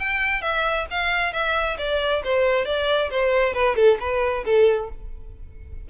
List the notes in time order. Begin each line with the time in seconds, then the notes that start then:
0.00 G5
0.42 E5
0.91 F5
1.33 E5
1.78 D5
2.24 C5
2.66 D5
3.11 C5
3.54 B4
3.76 A4
4.00 B4
4.45 A4